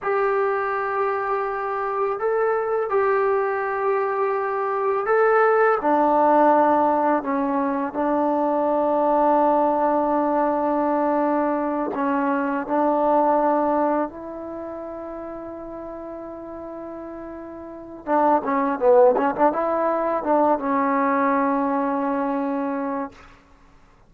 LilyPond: \new Staff \with { instrumentName = "trombone" } { \time 4/4 \tempo 4 = 83 g'2. a'4 | g'2. a'4 | d'2 cis'4 d'4~ | d'1~ |
d'8 cis'4 d'2 e'8~ | e'1~ | e'4 d'8 cis'8 b8 cis'16 d'16 e'4 | d'8 cis'2.~ cis'8 | }